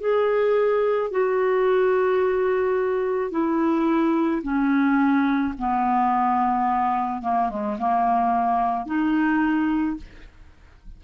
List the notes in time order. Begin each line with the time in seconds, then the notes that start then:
0.00 G#4
1.11 F#4
3.31 E4
4.42 C#4
5.58 B3
7.22 A#3
7.50 G#3
7.79 A#3
8.86 D#4